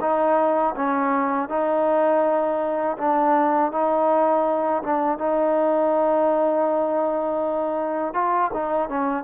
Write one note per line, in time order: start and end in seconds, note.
0.00 0.74 D#4
0.75 1.48 C#4
1.48 2.97 D#4
2.97 3.71 D4
3.71 4.82 D#4
4.82 5.18 D4
5.18 8.13 D#4
8.13 8.51 F4
8.53 8.89 D#4
8.89 9.23 C#4